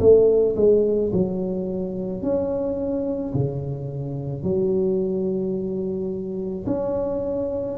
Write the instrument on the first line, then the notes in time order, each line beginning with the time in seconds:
tuba
0.00 A3
0.57 G#3
1.13 F#3
2.23 C#4
3.34 C#3
4.43 F#3
6.67 C#4